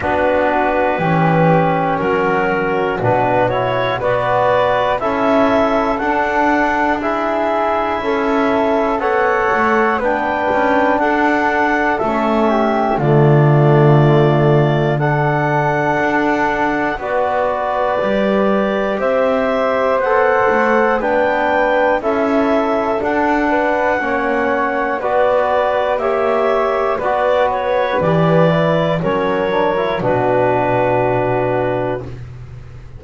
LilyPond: <<
  \new Staff \with { instrumentName = "clarinet" } { \time 4/4 \tempo 4 = 60 b'2 ais'4 b'8 cis''8 | d''4 e''4 fis''4 e''4~ | e''4 fis''4 g''4 fis''4 | e''4 d''2 fis''4~ |
fis''4 d''2 e''4 | fis''4 g''4 e''4 fis''4~ | fis''4 d''4 e''4 d''8 cis''8 | d''4 cis''4 b'2 | }
  \new Staff \with { instrumentName = "flute" } { \time 4/4 fis'4 g'4 fis'2 | b'4 a'2 gis'4 | a'4 cis''4 b'4 a'4~ | a'8 g'8 f'2 a'4~ |
a'4 b'2 c''4~ | c''4 b'4 a'4. b'8 | cis''4 b'4 cis''4 b'4~ | b'4 ais'4 fis'2 | }
  \new Staff \with { instrumentName = "trombone" } { \time 4/4 d'4 cis'2 d'8 e'8 | fis'4 e'4 d'4 e'4~ | e'4 a'4 d'2 | cis'4 a2 d'4~ |
d'4 fis'4 g'2 | a'4 d'4 e'4 d'4 | cis'4 fis'4 g'4 fis'4 | g'8 e'8 cis'8 d'16 e'16 d'2 | }
  \new Staff \with { instrumentName = "double bass" } { \time 4/4 b4 e4 fis4 b,4 | b4 cis'4 d'2 | cis'4 b8 a8 b8 cis'8 d'4 | a4 d2. |
d'4 b4 g4 c'4 | b8 a8 b4 cis'4 d'4 | ais4 b4 ais4 b4 | e4 fis4 b,2 | }
>>